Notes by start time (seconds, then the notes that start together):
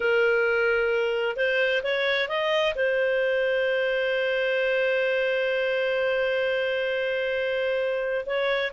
0.00 A#4
1.36 C5
1.83 C#5
2.28 D#5
2.75 C5
8.25 C#5